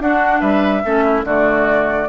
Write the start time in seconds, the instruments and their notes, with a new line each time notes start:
0.00 bassoon D4, clarinet D4, oboe F#4, flute F#5
0.40 bassoon G3, oboe B4, flute E5
0.84 bassoon A3, clarinet C#4, oboe A4
1.04 oboe E4
1.24 bassoon D3, clarinet A3, oboe F#4, flute D5